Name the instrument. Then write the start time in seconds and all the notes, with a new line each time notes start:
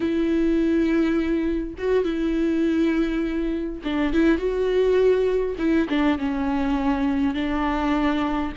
viola
0.00 E4
1.78 F#4
2.04 E4
3.84 D4
4.13 E4
4.37 F#4
5.58 E4
5.89 D4
6.18 C#4
7.34 D4